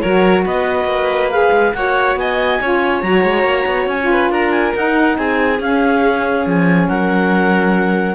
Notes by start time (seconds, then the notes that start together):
0.00 F#3 F#4 A#4 C#5
0.45 B3 B4 D#5
0.85 A#3
1.31 G#4 F5
1.52 G#3
1.74 A#3 F#4 C#5 F#5
2.16 B3 D#5 G#5
2.61 C#4 F4 C#5
3.02 F#3 F#4 A#5
3.24 G#3
3.43 A#3
3.66 B3
3.87 C#4 G#5
4.00 F4
4.11 B4
4.29 D4 A#4 A#5
4.51 G#5
4.75 D#4 F#5
5.17 C4 G#4 G#5
5.60 C#4 F5
6.46 F3 G#5
6.89 F#3 A#4 F#5